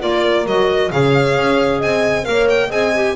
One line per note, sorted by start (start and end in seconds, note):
0.00 0.46 A#3
0.00 0.45 F4
0.00 0.91 A#4
0.00 0.47 D5
0.46 0.91 F#3
0.46 0.91 F#4
0.46 0.91 D#5
0.91 1.36 C#3
0.91 2.23 G#4
0.91 1.78 C#5
0.91 1.81 F5
1.36 1.81 C#4
1.78 2.27 C4
1.78 2.23 D#5
1.78 2.25 G#5
2.23 2.70 A#3
2.23 2.68 A#4
2.23 2.67 C#5
2.23 2.47 F5
2.49 2.71 G5
2.67 3.15 C4
2.67 2.92 G#4
2.67 3.12 D#5
2.67 3.16 G#5
2.95 3.16 G4